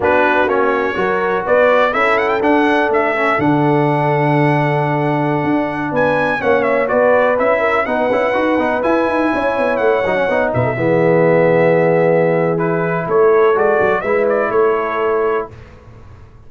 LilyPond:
<<
  \new Staff \with { instrumentName = "trumpet" } { \time 4/4 \tempo 4 = 124 b'4 cis''2 d''4 | e''8 fis''16 g''16 fis''4 e''4 fis''4~ | fis''1~ | fis''16 gis''4 fis''8 e''8 d''4 e''8.~ |
e''16 fis''2 gis''4.~ gis''16~ | gis''16 fis''4. e''2~ e''16~ | e''2 b'4 cis''4 | d''4 e''8 d''8 cis''2 | }
  \new Staff \with { instrumentName = "horn" } { \time 4/4 fis'2 ais'4 b'4 | a'1~ | a'1~ | a'16 b'4 cis''4 b'4. ais'16~ |
ais'16 b'2. cis''8.~ | cis''4.~ cis''16 b'16 a'16 gis'4.~ gis'16~ | gis'2. a'4~ | a'4 b'4 a'2 | }
  \new Staff \with { instrumentName = "trombone" } { \time 4/4 d'4 cis'4 fis'2 | e'4 d'4. cis'8 d'4~ | d'1~ | d'4~ d'16 cis'4 fis'4 e'8.~ |
e'16 dis'8 e'8 fis'8 dis'8 e'4.~ e'16~ | e'8. dis'16 cis'16 dis'4 b4.~ b16~ | b2 e'2 | fis'4 e'2. | }
  \new Staff \with { instrumentName = "tuba" } { \time 4/4 b4 ais4 fis4 b4 | cis'4 d'4 a4 d4~ | d2.~ d16 d'8.~ | d'16 b4 ais4 b4 cis'8.~ |
cis'16 b8 cis'8 dis'8 b8 e'8 dis'8 cis'8 b16~ | b16 a8 fis8 b8 b,8 e4.~ e16~ | e2. a4 | gis8 fis8 gis4 a2 | }
>>